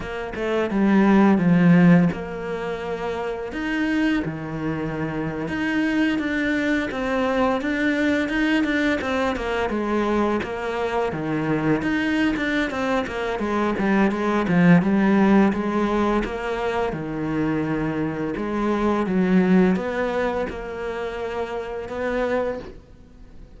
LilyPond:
\new Staff \with { instrumentName = "cello" } { \time 4/4 \tempo 4 = 85 ais8 a8 g4 f4 ais4~ | ais4 dis'4 dis4.~ dis16 dis'16~ | dis'8. d'4 c'4 d'4 dis'16~ | dis'16 d'8 c'8 ais8 gis4 ais4 dis16~ |
dis8. dis'8. d'8 c'8 ais8 gis8 g8 | gis8 f8 g4 gis4 ais4 | dis2 gis4 fis4 | b4 ais2 b4 | }